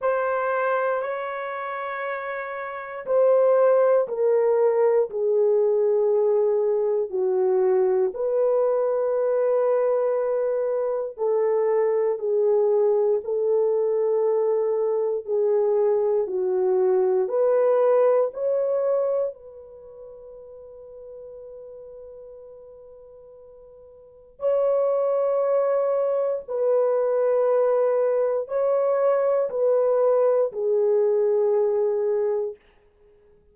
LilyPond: \new Staff \with { instrumentName = "horn" } { \time 4/4 \tempo 4 = 59 c''4 cis''2 c''4 | ais'4 gis'2 fis'4 | b'2. a'4 | gis'4 a'2 gis'4 |
fis'4 b'4 cis''4 b'4~ | b'1 | cis''2 b'2 | cis''4 b'4 gis'2 | }